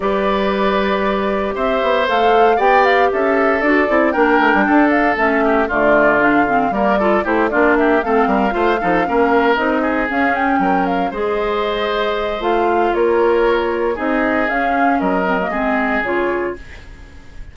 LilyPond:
<<
  \new Staff \with { instrumentName = "flute" } { \time 4/4 \tempo 4 = 116 d''2. e''4 | f''4 g''8 f''8 e''4 d''4 | g''4. f''8 e''4 d''4 | f''4 d''4 c''8 d''8 e''8 f''8~ |
f''2~ f''8 dis''4 f''8 | g''4 f''8 dis''2~ dis''8 | f''4 cis''2 dis''4 | f''4 dis''2 cis''4 | }
  \new Staff \with { instrumentName = "oboe" } { \time 4/4 b'2. c''4~ | c''4 d''4 a'2 | ais'4 a'4. g'8 f'4~ | f'4 ais'8 a'8 g'8 f'8 g'8 a'8 |
ais'8 c''8 a'8 ais'4. gis'4~ | gis'8 ais'4 c''2~ c''8~ | c''4 ais'2 gis'4~ | gis'4 ais'4 gis'2 | }
  \new Staff \with { instrumentName = "clarinet" } { \time 4/4 g'1 | a'4 g'2 fis'8 e'8 | d'2 cis'4 a4 | d'8 c'8 ais8 f'8 e'8 d'4 c'8~ |
c'8 f'8 dis'8 cis'4 dis'4 cis'8~ | cis'4. gis'2~ gis'8 | f'2. dis'4 | cis'4. c'16 ais16 c'4 f'4 | }
  \new Staff \with { instrumentName = "bassoon" } { \time 4/4 g2. c'8 b8 | a4 b4 cis'4 d'8 c'8 | ais8 a16 g16 d'4 a4 d4~ | d4 g4 a8 ais4 a8 |
g8 a8 f8 ais4 c'4 cis'8~ | cis'8 fis4 gis2~ gis8 | a4 ais2 c'4 | cis'4 fis4 gis4 cis4 | }
>>